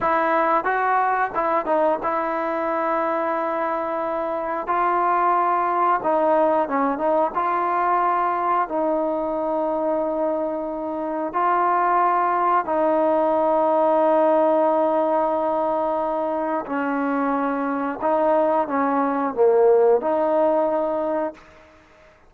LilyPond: \new Staff \with { instrumentName = "trombone" } { \time 4/4 \tempo 4 = 90 e'4 fis'4 e'8 dis'8 e'4~ | e'2. f'4~ | f'4 dis'4 cis'8 dis'8 f'4~ | f'4 dis'2.~ |
dis'4 f'2 dis'4~ | dis'1~ | dis'4 cis'2 dis'4 | cis'4 ais4 dis'2 | }